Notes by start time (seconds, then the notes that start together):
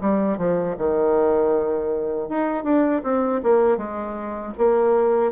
0.00 G3
0.38 F3
0.77 D#3
2.29 D#4
2.63 D4
3.03 C4
3.43 A#3
3.77 G#3
4.57 A#3